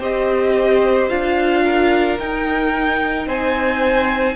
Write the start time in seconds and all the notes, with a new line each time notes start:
0.00 C4 G4 C5 D#5
1.09 D4 F4 F5
1.65 A#4
2.20 D#4 G5
3.27 C4 C5 G#5